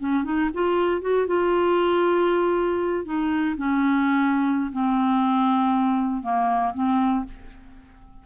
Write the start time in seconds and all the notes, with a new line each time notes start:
0.00 C#4
0.24 D#4
0.54 F4
1.02 F#4
1.27 F4
3.05 D#4
3.57 C#4
4.72 C4
6.23 A#3
6.74 C4